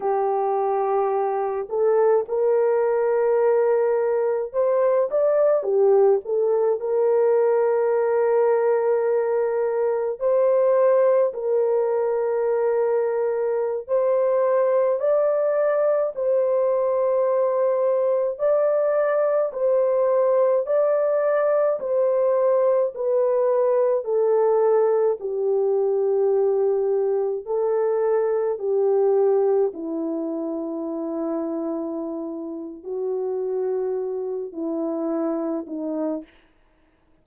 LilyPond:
\new Staff \with { instrumentName = "horn" } { \time 4/4 \tempo 4 = 53 g'4. a'8 ais'2 | c''8 d''8 g'8 a'8 ais'2~ | ais'4 c''4 ais'2~ | ais'16 c''4 d''4 c''4.~ c''16~ |
c''16 d''4 c''4 d''4 c''8.~ | c''16 b'4 a'4 g'4.~ g'16~ | g'16 a'4 g'4 e'4.~ e'16~ | e'4 fis'4. e'4 dis'8 | }